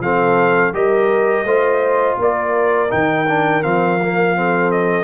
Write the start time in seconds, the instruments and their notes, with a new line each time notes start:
0.00 tuba F3, trombone C4, horn A4, trumpet F5
0.74 tuba G3, trombone G4, horn A#4, trumpet D#5
1.45 tuba A3, trombone F4, horn C5
2.19 tuba A#3, horn A#4, trumpet D5
2.90 tuba D#3, trombone D#4, trumpet G5
3.29 trombone D4
3.63 tuba F3, trombone C4, trumpet F5
4.02 trombone A#3
4.36 trombone C4, horn A4
4.72 trumpet D#5